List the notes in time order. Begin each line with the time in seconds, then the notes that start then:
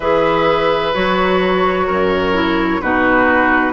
0.00 E3 G#4 B4 E5
0.94 F#3 F#4 C#5
1.87 F#2 A#4
2.33 E4
2.81 B2 D#4 F#4 B4